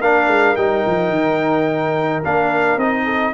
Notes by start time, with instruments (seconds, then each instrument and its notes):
0.00 tuba A#3, trombone D4, horn A#4, trumpet F5
0.27 tuba G#3
0.56 tuba G3, trombone D#4, trumpet G5
0.86 tuba F3
1.10 tuba D#3
2.24 tuba A#3, trombone D4, trumpet F5
2.77 tuba C4, trombone D#4, trumpet D#5
3.05 horn A4